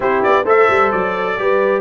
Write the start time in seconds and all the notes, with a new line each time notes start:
0.00 C4 E4 G4 C5
0.22 B3 D5
0.43 A3 A4 C5 E5
0.69 G3
0.91 F#3 D5
1.38 G3 G4 B4